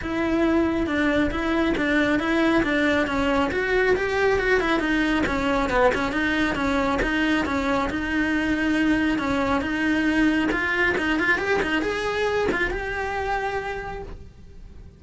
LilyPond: \new Staff \with { instrumentName = "cello" } { \time 4/4 \tempo 4 = 137 e'2 d'4 e'4 | d'4 e'4 d'4 cis'4 | fis'4 g'4 fis'8 e'8 dis'4 | cis'4 b8 cis'8 dis'4 cis'4 |
dis'4 cis'4 dis'2~ | dis'4 cis'4 dis'2 | f'4 dis'8 f'8 g'8 dis'8 gis'4~ | gis'8 f'8 g'2. | }